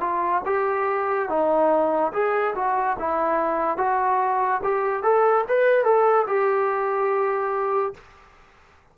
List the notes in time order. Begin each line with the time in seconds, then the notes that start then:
0.00 F4
0.45 G4
1.29 D#4
2.12 G#4
2.55 F#4
2.98 E4
3.77 F#4
4.63 G4
5.03 A4
5.48 B4
5.84 A4
6.27 G4